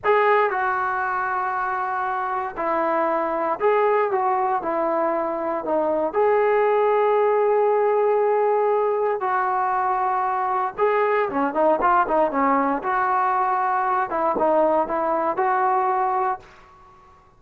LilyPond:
\new Staff \with { instrumentName = "trombone" } { \time 4/4 \tempo 4 = 117 gis'4 fis'2.~ | fis'4 e'2 gis'4 | fis'4 e'2 dis'4 | gis'1~ |
gis'2 fis'2~ | fis'4 gis'4 cis'8 dis'8 f'8 dis'8 | cis'4 fis'2~ fis'8 e'8 | dis'4 e'4 fis'2 | }